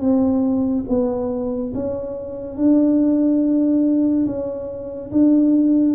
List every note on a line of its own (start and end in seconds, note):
0.00 0.85 C4
0.88 1.73 B3
1.74 2.57 C#4
2.57 4.26 D4
4.26 5.11 C#4
5.11 5.95 D4